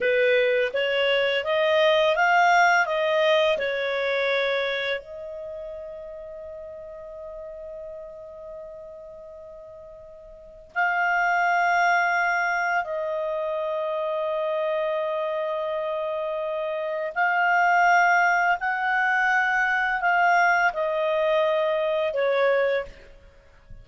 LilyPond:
\new Staff \with { instrumentName = "clarinet" } { \time 4/4 \tempo 4 = 84 b'4 cis''4 dis''4 f''4 | dis''4 cis''2 dis''4~ | dis''1~ | dis''2. f''4~ |
f''2 dis''2~ | dis''1 | f''2 fis''2 | f''4 dis''2 cis''4 | }